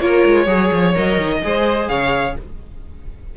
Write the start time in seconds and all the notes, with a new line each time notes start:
0.00 A#3 F4 A#4 C#5
0.25 G#3
0.43 F#3 G#4 C#5
0.72 F3
0.95 F#3 A#4 D#5
1.18 D#3
1.42 G#3 G#4 C5
1.88 C#3 C#5 F5